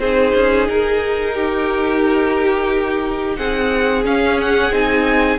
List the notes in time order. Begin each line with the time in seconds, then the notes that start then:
0.00 C4 D#4 G#4 C5
0.35 C#4
0.68 D#4 A#4
1.35 G4
3.36 C4 G#4 F#5
4.04 C#4 F5
4.41 F#5
4.71 C4 D#4 G#5